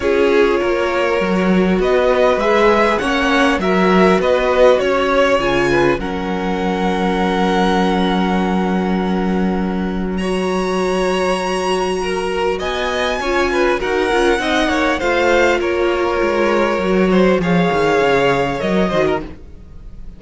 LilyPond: <<
  \new Staff \with { instrumentName = "violin" } { \time 4/4 \tempo 4 = 100 cis''2. dis''4 | e''4 fis''4 e''4 dis''4 | cis''4 gis''4 fis''2~ | fis''1~ |
fis''4 ais''2.~ | ais''4 gis''2 fis''4~ | fis''4 f''4 cis''2~ | cis''4 f''2 dis''4 | }
  \new Staff \with { instrumentName = "violin" } { \time 4/4 gis'4 ais'2 b'4~ | b'4 cis''4 ais'4 b'4 | cis''4. b'8 ais'2~ | ais'1~ |
ais'4 cis''2. | ais'4 dis''4 cis''8 b'8 ais'4 | dis''8 cis''8 c''4 ais'2~ | ais'8 c''8 cis''2~ cis''8 c''16 ais'16 | }
  \new Staff \with { instrumentName = "viola" } { \time 4/4 f'2 fis'2 | gis'4 cis'4 fis'2~ | fis'4 f'4 cis'2~ | cis'1~ |
cis'4 fis'2.~ | fis'2 f'4 fis'8 f'8 | dis'4 f'2. | fis'4 gis'2 ais'8 fis'8 | }
  \new Staff \with { instrumentName = "cello" } { \time 4/4 cis'4 ais4 fis4 b4 | gis4 ais4 fis4 b4 | cis'4 cis4 fis2~ | fis1~ |
fis1~ | fis4 b4 cis'4 dis'8 cis'8 | c'8 ais8 a4 ais4 gis4 | fis4 f8 dis8 cis4 fis8 dis8 | }
>>